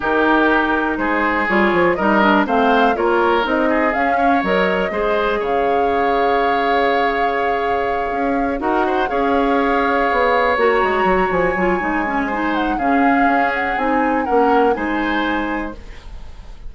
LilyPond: <<
  \new Staff \with { instrumentName = "flute" } { \time 4/4 \tempo 4 = 122 ais'2 c''4 cis''4 | dis''4 f''4 cis''4 dis''4 | f''4 dis''2 f''4~ | f''1~ |
f''4. fis''4 f''4.~ | f''4. ais''4. gis''4~ | gis''4. fis''8 f''4. fis''8 | gis''4 fis''4 gis''2 | }
  \new Staff \with { instrumentName = "oboe" } { \time 4/4 g'2 gis'2 | ais'4 c''4 ais'4. gis'8~ | gis'8 cis''4. c''4 cis''4~ | cis''1~ |
cis''4. ais'8 c''8 cis''4.~ | cis''1~ | cis''4 c''4 gis'2~ | gis'4 ais'4 c''2 | }
  \new Staff \with { instrumentName = "clarinet" } { \time 4/4 dis'2. f'4 | dis'8 d'8 c'4 f'4 dis'4 | cis'4 ais'4 gis'2~ | gis'1~ |
gis'4. fis'4 gis'4.~ | gis'4. fis'2 f'8 | dis'8 cis'8 dis'4 cis'2 | dis'4 cis'4 dis'2 | }
  \new Staff \with { instrumentName = "bassoon" } { \time 4/4 dis2 gis4 g8 f8 | g4 a4 ais4 c'4 | cis'4 fis4 gis4 cis4~ | cis1~ |
cis8 cis'4 dis'4 cis'4.~ | cis'8 b4 ais8 gis8 fis8 f8 fis8 | gis2 cis4 cis'4 | c'4 ais4 gis2 | }
>>